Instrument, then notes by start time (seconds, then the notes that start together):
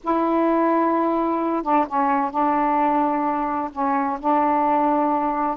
saxophone
0.03 E4
1.62 D4
1.87 C#4
2.30 D4
3.72 C#4
4.20 D4